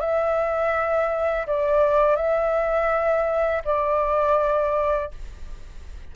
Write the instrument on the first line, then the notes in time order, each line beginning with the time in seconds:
flute
0.00 E5
1.47 D5
2.16 E5
3.65 D5